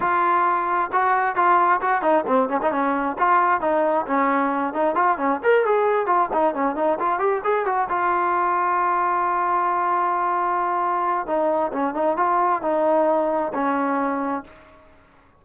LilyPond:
\new Staff \with { instrumentName = "trombone" } { \time 4/4 \tempo 4 = 133 f'2 fis'4 f'4 | fis'8 dis'8 c'8 cis'16 dis'16 cis'4 f'4 | dis'4 cis'4. dis'8 f'8 cis'8 | ais'8 gis'4 f'8 dis'8 cis'8 dis'8 f'8 |
g'8 gis'8 fis'8 f'2~ f'8~ | f'1~ | f'4 dis'4 cis'8 dis'8 f'4 | dis'2 cis'2 | }